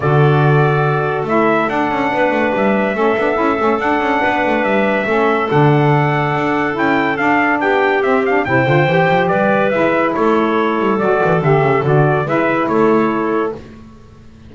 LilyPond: <<
  \new Staff \with { instrumentName = "trumpet" } { \time 4/4 \tempo 4 = 142 d''2. e''4 | fis''2 e''2~ | e''4 fis''2 e''4~ | e''4 fis''2. |
g''4 f''4 g''4 e''8 f''8 | g''2 d''4 e''4 | cis''2 d''4 e''4 | d''4 e''4 cis''2 | }
  \new Staff \with { instrumentName = "clarinet" } { \time 4/4 a'1~ | a'4 b'2 a'4~ | a'2 b'2 | a'1~ |
a'2 g'2 | c''2 b'2 | a'1~ | a'4 b'4 a'2 | }
  \new Staff \with { instrumentName = "saxophone" } { \time 4/4 fis'2. e'4 | d'2. cis'8 d'8 | e'8 cis'8 d'2. | cis'4 d'2. |
e'4 d'2 c'8 d'8 | e'8 f'8 g'2 e'4~ | e'2 fis'4 g'4 | fis'4 e'2. | }
  \new Staff \with { instrumentName = "double bass" } { \time 4/4 d2. a4 | d'8 cis'8 b8 a8 g4 a8 b8 | cis'8 a8 d'8 cis'8 b8 a8 g4 | a4 d2 d'4 |
cis'4 d'4 b4 c'4 | c8 d8 e8 f8 g4 gis4 | a4. g8 fis8 e8 d8 cis8 | d4 gis4 a2 | }
>>